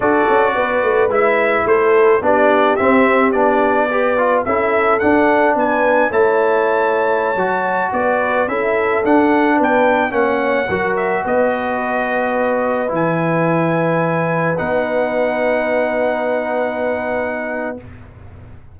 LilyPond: <<
  \new Staff \with { instrumentName = "trumpet" } { \time 4/4 \tempo 4 = 108 d''2 e''4 c''4 | d''4 e''4 d''2 | e''4 fis''4 gis''4 a''4~ | a''2~ a''16 d''4 e''8.~ |
e''16 fis''4 g''4 fis''4. e''16~ | e''16 dis''2. gis''8.~ | gis''2~ gis''16 fis''4.~ fis''16~ | fis''1 | }
  \new Staff \with { instrumentName = "horn" } { \time 4/4 a'4 b'2 a'4 | g'2. b'4 | a'2 b'4 cis''4~ | cis''2~ cis''16 b'4 a'8.~ |
a'4~ a'16 b'4 cis''4 ais'8.~ | ais'16 b'2.~ b'8.~ | b'1~ | b'1 | }
  \new Staff \with { instrumentName = "trombone" } { \time 4/4 fis'2 e'2 | d'4 c'4 d'4 g'8 f'8 | e'4 d'2 e'4~ | e'4~ e'16 fis'2 e'8.~ |
e'16 d'2 cis'4 fis'8.~ | fis'2.~ fis'16 e'8.~ | e'2~ e'16 dis'4.~ dis'16~ | dis'1 | }
  \new Staff \with { instrumentName = "tuba" } { \time 4/4 d'8 cis'8 b8 a8 gis4 a4 | b4 c'4 b2 | cis'4 d'4 b4 a4~ | a4~ a16 fis4 b4 cis'8.~ |
cis'16 d'4 b4 ais4 fis8.~ | fis16 b2. e8.~ | e2~ e16 b4.~ b16~ | b1 | }
>>